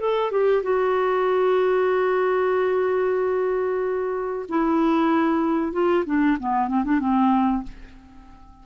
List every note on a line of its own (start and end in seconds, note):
0.00 0.32 A4
0.32 0.63 G4
0.63 4.46 F#4
4.49 5.73 E4
5.73 6.05 F4
6.06 6.38 D4
6.40 6.68 B3
6.68 6.84 C4
6.85 7.00 D4
7.00 7.64 C4